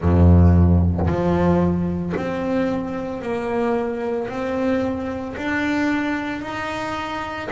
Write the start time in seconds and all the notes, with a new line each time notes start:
0.00 F2
1.06 F3
2.16 C4
3.21 A#3
4.28 C4
5.36 D4
6.41 D#4